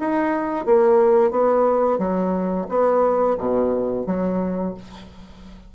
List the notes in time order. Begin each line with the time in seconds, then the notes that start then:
0.00 D#4
0.66 A#3
1.31 B3
1.99 F#3
2.69 B3
3.38 B2
4.07 F#3